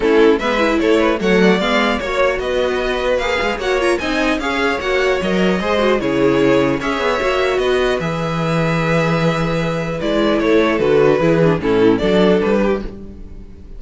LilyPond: <<
  \new Staff \with { instrumentName = "violin" } { \time 4/4 \tempo 4 = 150 a'4 e''4 cis''4 fis''4 | f''4 cis''4 dis''2 | f''4 fis''8 ais''8 gis''4 f''4 | fis''4 dis''2 cis''4~ |
cis''4 e''2 dis''4 | e''1~ | e''4 d''4 cis''4 b'4~ | b'4 a'4 d''4 b'4 | }
  \new Staff \with { instrumentName = "violin" } { \time 4/4 e'4 b'4 a'8 b'8 cis''8 d''8~ | d''4 cis''4 b'2~ | b'4 cis''4 dis''4 cis''4~ | cis''2 c''4 gis'4~ |
gis'4 cis''2 b'4~ | b'1~ | b'2 a'2 | gis'4 e'4 a'4. g'8 | }
  \new Staff \with { instrumentName = "viola" } { \time 4/4 cis'4 b8 e'4. a4 | b4 fis'2. | gis'4 fis'8 f'8 dis'4 gis'4 | fis'4 ais'4 gis'8 fis'8 e'4~ |
e'4 gis'4 fis'2 | gis'1~ | gis'4 e'2 fis'4 | e'8 d'8 cis'4 d'2 | }
  \new Staff \with { instrumentName = "cello" } { \time 4/4 a4 gis4 a4 fis4 | gis4 ais4 b2 | ais8 gis8 ais4 c'4 cis'4 | ais4 fis4 gis4 cis4~ |
cis4 cis'8 b8 ais4 b4 | e1~ | e4 gis4 a4 d4 | e4 a,4 fis4 g4 | }
>>